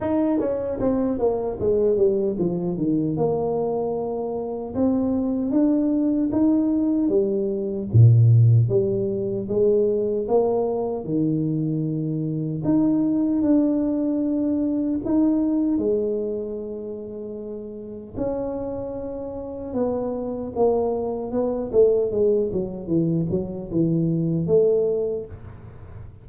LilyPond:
\new Staff \with { instrumentName = "tuba" } { \time 4/4 \tempo 4 = 76 dis'8 cis'8 c'8 ais8 gis8 g8 f8 dis8 | ais2 c'4 d'4 | dis'4 g4 ais,4 g4 | gis4 ais4 dis2 |
dis'4 d'2 dis'4 | gis2. cis'4~ | cis'4 b4 ais4 b8 a8 | gis8 fis8 e8 fis8 e4 a4 | }